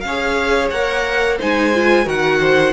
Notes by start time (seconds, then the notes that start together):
0.00 C#4 C#5 F5
0.08 G#4
0.70 A#3 A#4 F#5
1.38 G#3 D#4 C5 G#5
1.74 F4
2.05 D#3 F#4 A#4 F#5
2.40 C5